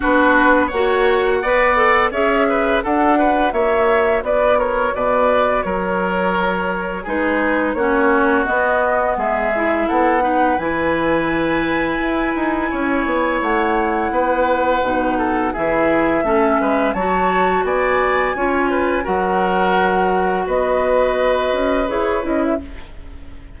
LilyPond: <<
  \new Staff \with { instrumentName = "flute" } { \time 4/4 \tempo 4 = 85 b'4 fis''2 e''4 | fis''4 e''4 d''8 cis''8 d''4 | cis''2 b'4 cis''4 | dis''4 e''4 fis''4 gis''4~ |
gis''2. fis''4~ | fis''2 e''2 | a''4 gis''2 fis''4~ | fis''4 dis''2 cis''8 dis''16 e''16 | }
  \new Staff \with { instrumentName = "oboe" } { \time 4/4 fis'4 cis''4 d''4 cis''8 b'8 | a'8 b'8 cis''4 b'8 ais'8 b'4 | ais'2 gis'4 fis'4~ | fis'4 gis'4 a'8 b'4.~ |
b'2 cis''2 | b'4. a'8 gis'4 a'8 b'8 | cis''4 d''4 cis''8 b'8 ais'4~ | ais'4 b'2. | }
  \new Staff \with { instrumentName = "clarinet" } { \time 4/4 d'4 fis'4 b'8 a'8 gis'4 | fis'1~ | fis'2 dis'4 cis'4 | b4. e'4 dis'8 e'4~ |
e'1~ | e'4 dis'4 e'4 cis'4 | fis'2 f'4 fis'4~ | fis'2. gis'8 e'8 | }
  \new Staff \with { instrumentName = "bassoon" } { \time 4/4 b4 ais4 b4 cis'4 | d'4 ais4 b4 b,4 | fis2 gis4 ais4 | b4 gis4 b4 e4~ |
e4 e'8 dis'8 cis'8 b8 a4 | b4 b,4 e4 a8 gis8 | fis4 b4 cis'4 fis4~ | fis4 b4. cis'8 e'8 cis'8 | }
>>